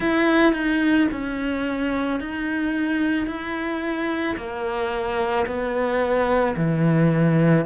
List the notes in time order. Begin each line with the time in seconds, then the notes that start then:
0.00 E4
0.53 D#4
1.11 C#4
2.20 D#4
3.27 E4
4.36 A#3
5.46 B3
6.56 E3